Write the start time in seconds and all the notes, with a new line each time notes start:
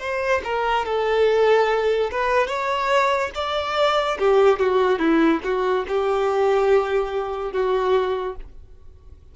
0.00 C5
0.45 A#4
0.86 A4
2.12 B4
2.48 C#5
3.35 D5
4.19 G4
4.60 F#4
4.99 E4
5.44 F#4
5.89 G4
7.53 F#4